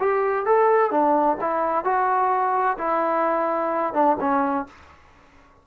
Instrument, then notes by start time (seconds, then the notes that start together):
trombone
0.00 G4
0.46 A4
0.91 D4
1.41 E4
1.85 F#4
2.78 E4
3.94 D4
4.20 C#4